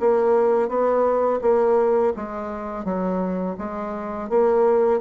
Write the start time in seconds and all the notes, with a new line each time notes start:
0.00 A#3
0.69 B3
1.42 A#3
2.16 G#3
2.85 F#3
3.58 G#3
4.30 A#3